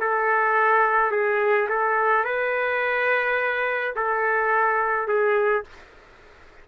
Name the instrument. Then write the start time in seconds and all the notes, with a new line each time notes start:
trumpet
0.00 A4
1.12 G#4
1.69 A4
2.25 B4
3.96 A4
5.08 G#4